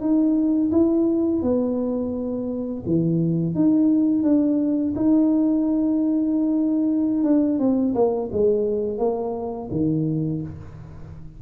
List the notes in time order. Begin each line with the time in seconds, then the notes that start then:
0.00 D#4
0.72 E4
1.42 B3
2.86 E3
3.55 D#4
4.23 D4
4.95 D#4
7.24 D4
7.59 C4
7.94 A#3
8.32 G#3
8.98 A#3
9.71 D#3